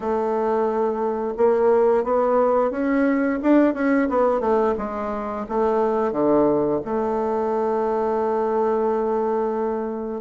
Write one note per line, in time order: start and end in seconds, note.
0.00 1.33 A3
1.37 2.04 A#3
2.04 2.71 B3
2.71 3.39 C#4
3.42 3.74 D4
3.74 4.08 C#4
4.09 4.40 B3
4.40 4.74 A3
4.77 5.45 G#3
5.49 6.12 A3
6.12 6.80 D3
6.85 10.21 A3